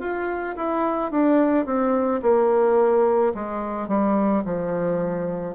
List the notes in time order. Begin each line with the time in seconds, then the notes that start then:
0.00 F4
0.56 E4
1.11 D4
1.66 C4
2.22 A#3
3.34 G#3
3.88 G3
4.45 F3